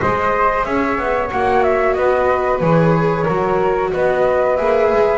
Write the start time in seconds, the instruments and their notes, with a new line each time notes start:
0.00 double bass G#3, viola G#4, flute C5 D#5
0.63 double bass C#4, flute C#5 E5
0.97 double bass B3
1.31 double bass A#3, viola F#4, flute F#5
1.63 flute E5
1.93 double bass B3, flute B4 D#5
2.60 double bass E3, viola G#4, flute C#5
3.24 double bass F#3, viola F#4, flute A#4
3.93 double bass B3, flute B4 D#5
4.56 double bass A#3, viola G#4, flute E5
4.92 double bass G#3